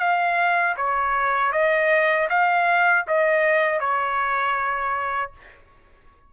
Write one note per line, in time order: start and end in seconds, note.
0.00 0.76 F5
0.77 1.52 C#5
1.52 2.28 D#5
2.30 3.06 F5
3.08 3.80 D#5
3.80 5.32 C#5